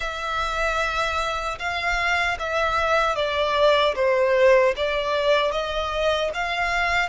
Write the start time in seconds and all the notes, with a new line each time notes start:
0.00 E5
1.58 F5
2.39 E5
3.15 D5
3.95 C5
4.76 D5
5.51 D#5
6.34 F5